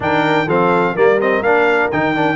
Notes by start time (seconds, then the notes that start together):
0.00 D#3 D4 A#4 G5
0.46 F3 C4 A4 F5
0.94 G3 A#3 A#4 D5
1.19 C4 D#5
1.41 A#3 D4 F5
1.91 D#3 D#4 G5
2.15 D4